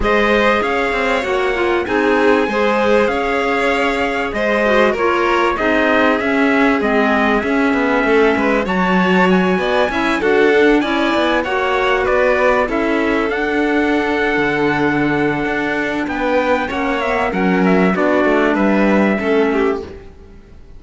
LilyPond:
<<
  \new Staff \with { instrumentName = "trumpet" } { \time 4/4 \tempo 4 = 97 dis''4 f''4 fis''4 gis''4~ | gis''4 f''2 dis''4 | cis''4 dis''4 e''4 dis''4 | e''2 a''4 gis''4~ |
gis''8 fis''4 gis''4 fis''4 d''8~ | d''8 e''4 fis''2~ fis''8~ | fis''2 g''4 fis''8 e''8 | fis''8 e''8 d''4 e''2 | }
  \new Staff \with { instrumentName = "violin" } { \time 4/4 c''4 cis''2 gis'4 | c''4 cis''2 c''4 | ais'4 gis'2.~ | gis'4 a'8 b'8 cis''4. d''8 |
e''8 a'4 d''4 cis''4 b'8~ | b'8 a'2.~ a'8~ | a'2 b'4 cis''4 | ais'4 fis'4 b'4 a'8 g'8 | }
  \new Staff \with { instrumentName = "clarinet" } { \time 4/4 gis'2 fis'8 f'8 dis'4 | gis'2.~ gis'8 fis'8 | f'4 dis'4 cis'4 c'4 | cis'2 fis'2 |
e'8 fis'8 d'8 e'4 fis'4.~ | fis'8 e'4 d'2~ d'8~ | d'2. cis'8 b8 | cis'4 d'2 cis'4 | }
  \new Staff \with { instrumentName = "cello" } { \time 4/4 gis4 cis'8 c'8 ais4 c'4 | gis4 cis'2 gis4 | ais4 c'4 cis'4 gis4 | cis'8 b8 a8 gis8 fis4. b8 |
cis'8 d'4 cis'8 b8 ais4 b8~ | b8 cis'4 d'4.~ d'16 d8.~ | d4 d'4 b4 ais4 | fis4 b8 a8 g4 a4 | }
>>